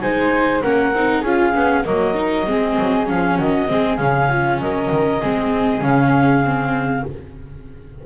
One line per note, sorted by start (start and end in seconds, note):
0.00 0.63 G#3
0.00 0.62 D#4
0.00 0.62 C5
0.00 0.61 G#5
0.62 0.93 A#3
0.62 0.93 C#4
0.62 1.21 A#4
0.62 1.23 F#5
0.93 1.23 C4
0.93 1.25 D#4
1.21 1.53 C#4
1.21 1.53 F4
1.21 1.82 G#4
1.21 1.85 F5
1.53 1.85 B3
1.53 1.84 C#4
1.85 2.46 F#3
1.85 2.14 A#3
1.85 2.47 A#4
1.85 3.07 D#5
2.14 2.44 D#4
2.46 2.77 G#3
2.46 3.06 C4
2.46 3.37 G#4
2.79 3.09 F#3
3.06 3.39 F3
3.06 3.67 C#4
3.06 3.38 F5
3.37 3.69 D#3
3.37 3.67 F#4
3.37 3.96 D#5
3.67 3.99 G#3
3.67 3.98 C4
3.67 4.29 G#4
3.96 4.59 C#3
3.96 5.21 C#4
3.96 4.58 F5
4.29 4.60 F4
4.59 4.89 F#3
4.59 5.20 A#4
4.59 5.83 D#5
4.91 5.21 D#3
5.20 5.81 G#3
5.20 5.81 C4
5.20 7.04 G#4
5.81 7.03 C#3
5.81 6.42 C#4
5.81 7.05 F5
6.44 7.05 C4